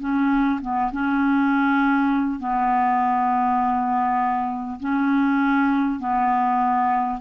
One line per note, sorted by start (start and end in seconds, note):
0.00 0.60 C#4
0.61 0.91 B3
0.92 2.40 C#4
2.40 4.80 B3
4.80 6.00 C#4
6.00 7.20 B3